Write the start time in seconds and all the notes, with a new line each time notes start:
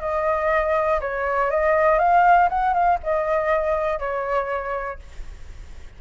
0.00 D#5
1.01 C#5
1.50 D#5
1.99 F5
2.49 F#5
2.73 F5
3.03 D#5
3.99 C#5